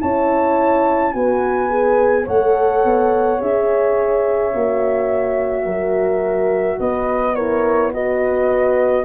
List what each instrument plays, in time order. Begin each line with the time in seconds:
0.00 tuba C#4, horn E4 C#5, flute A5
1.12 tuba B3, horn F#4 B4, flute G#5
1.69 horn G#4
2.24 tuba A3, horn A4 C#5, flute F#5
2.84 tuba B3
3.39 tuba C#4, horn G#4, flute E5
4.53 tuba A#3, horn F#4
5.65 tuba F#3, horn A#4
6.79 tuba B3, horn B4, flute D#5
7.34 horn E4 A#4, flute C#5
7.92 horn F#4 B4, flute D#5